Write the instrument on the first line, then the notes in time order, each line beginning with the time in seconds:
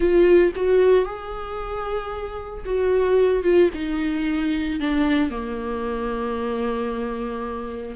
viola
0.00 F4
0.55 F#4
1.05 G#4
2.65 F#4
3.43 F4
3.73 D#4
4.80 D4
5.30 A#3